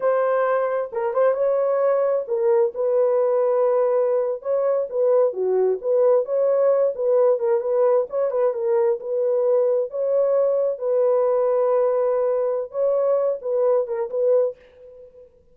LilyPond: \new Staff \with { instrumentName = "horn" } { \time 4/4 \tempo 4 = 132 c''2 ais'8 c''8 cis''4~ | cis''4 ais'4 b'2~ | b'4.~ b'16 cis''4 b'4 fis'16~ | fis'8. b'4 cis''4. b'8.~ |
b'16 ais'8 b'4 cis''8 b'8 ais'4 b'16~ | b'4.~ b'16 cis''2 b'16~ | b'1 | cis''4. b'4 ais'8 b'4 | }